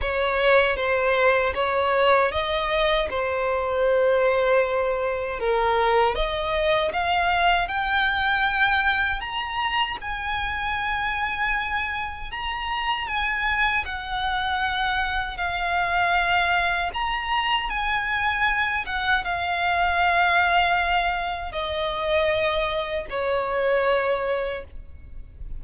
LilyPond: \new Staff \with { instrumentName = "violin" } { \time 4/4 \tempo 4 = 78 cis''4 c''4 cis''4 dis''4 | c''2. ais'4 | dis''4 f''4 g''2 | ais''4 gis''2. |
ais''4 gis''4 fis''2 | f''2 ais''4 gis''4~ | gis''8 fis''8 f''2. | dis''2 cis''2 | }